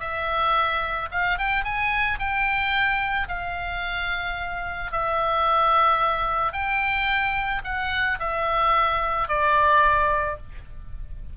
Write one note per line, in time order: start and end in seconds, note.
0.00 1.09 E5
1.12 1.39 F5
1.39 1.64 G5
1.64 2.19 G#5
2.19 3.28 G5
3.29 4.92 F5
4.92 6.53 E5
6.53 7.62 G5
7.64 8.19 F#5
8.20 9.28 E5
9.28 10.37 D5